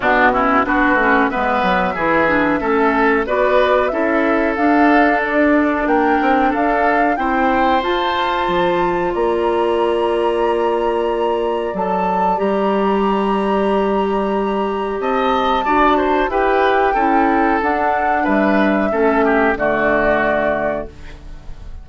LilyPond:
<<
  \new Staff \with { instrumentName = "flute" } { \time 4/4 \tempo 4 = 92 fis'4 b'4 e''2~ | e''4 d''4 e''4 f''4 | d''4 g''4 f''4 g''4 | a''2 ais''2~ |
ais''2 a''4 ais''4~ | ais''2. a''4~ | a''4 g''2 fis''4 | e''2 d''2 | }
  \new Staff \with { instrumentName = "oboe" } { \time 4/4 d'8 e'8 fis'4 b'4 gis'4 | a'4 b'4 a'2~ | a'4 ais'4 a'4 c''4~ | c''2 d''2~ |
d''1~ | d''2. dis''4 | d''8 c''8 b'4 a'2 | b'4 a'8 g'8 fis'2 | }
  \new Staff \with { instrumentName = "clarinet" } { \time 4/4 b8 cis'8 d'8 cis'8 b4 e'8 d'8 | cis'4 fis'4 e'4 d'4~ | d'2. e'4 | f'1~ |
f'2 a'4 g'4~ | g'1 | fis'4 g'4 e'4 d'4~ | d'4 cis'4 a2 | }
  \new Staff \with { instrumentName = "bassoon" } { \time 4/4 b,4 b8 a8 gis8 fis8 e4 | a4 b4 cis'4 d'4~ | d'4 ais8 c'8 d'4 c'4 | f'4 f4 ais2~ |
ais2 fis4 g4~ | g2. c'4 | d'4 e'4 cis'4 d'4 | g4 a4 d2 | }
>>